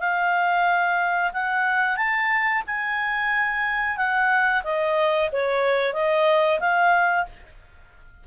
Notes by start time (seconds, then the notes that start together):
0.00 F5
1.33 F#5
1.97 A5
2.67 G#5
3.97 F#5
4.64 D#5
5.32 C#5
5.94 D#5
6.60 F5